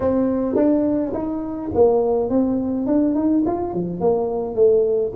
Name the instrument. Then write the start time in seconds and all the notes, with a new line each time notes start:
tuba
0.00 C4
0.55 D4
1.13 D#4
1.74 A#3
2.29 C4
2.86 D4
3.15 D#4
3.45 F4
3.73 F3
4.00 A#3
4.55 A3